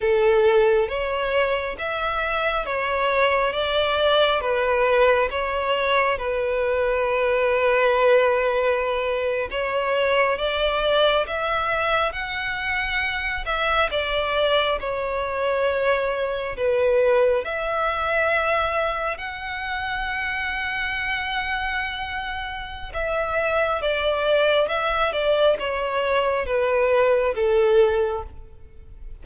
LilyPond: \new Staff \with { instrumentName = "violin" } { \time 4/4 \tempo 4 = 68 a'4 cis''4 e''4 cis''4 | d''4 b'4 cis''4 b'4~ | b'2~ b'8. cis''4 d''16~ | d''8. e''4 fis''4. e''8 d''16~ |
d''8. cis''2 b'4 e''16~ | e''4.~ e''16 fis''2~ fis''16~ | fis''2 e''4 d''4 | e''8 d''8 cis''4 b'4 a'4 | }